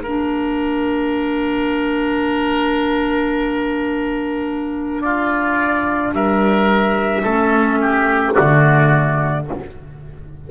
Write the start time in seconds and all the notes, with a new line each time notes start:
0.00 A#3 D4 A#4 F5
5.01 F4 D5
6.12 G3 A#4 E5
7.22 A3 C#4 A4
7.81 G4
8.33 D3 A3 F#4 D5